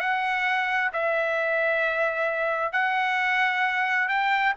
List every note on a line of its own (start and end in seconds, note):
0.00 0.91 F#5
0.93 2.72 E5
2.72 4.08 F#5
4.08 4.54 G5